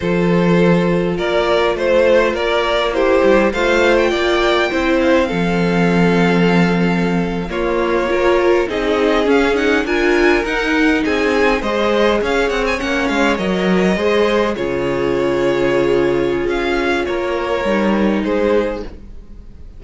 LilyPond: <<
  \new Staff \with { instrumentName = "violin" } { \time 4/4 \tempo 4 = 102 c''2 d''4 c''4 | d''4 c''4 f''8. g''4~ g''16~ | g''8 f''2.~ f''8~ | f''8. cis''2 dis''4 f''16~ |
f''16 fis''8 gis''4 fis''4 gis''4 dis''16~ | dis''8. f''8 fis''16 gis''16 fis''8 f''8 dis''4~ dis''16~ | dis''8. cis''2.~ cis''16 | f''4 cis''2 c''4 | }
  \new Staff \with { instrumentName = "violin" } { \time 4/4 a'2 ais'4 c''4 | ais'4 g'4 c''4 d''4 | c''4 a'2.~ | a'8. f'4 ais'4 gis'4~ gis'16~ |
gis'8. ais'2 gis'4 c''16~ | c''8. cis''2. c''16~ | c''8. gis'2.~ gis'16~ | gis'4 ais'2 gis'4 | }
  \new Staff \with { instrumentName = "viola" } { \time 4/4 f'1~ | f'4 e'4 f'2 | e'4 c'2.~ | c'8. ais4 f'4 dis'4 cis'16~ |
cis'16 dis'8 f'4 dis'2 gis'16~ | gis'4.~ gis'16 cis'4 ais'4 gis'16~ | gis'8. f'2.~ f'16~ | f'2 dis'2 | }
  \new Staff \with { instrumentName = "cello" } { \time 4/4 f2 ais4 a4 | ais4. g8 a4 ais4 | c'4 f2.~ | f8. ais2 c'4 cis'16~ |
cis'8. d'4 dis'4 c'4 gis16~ | gis8. cis'8 c'8 ais8 gis8 fis4 gis16~ | gis8. cis2.~ cis16 | cis'4 ais4 g4 gis4 | }
>>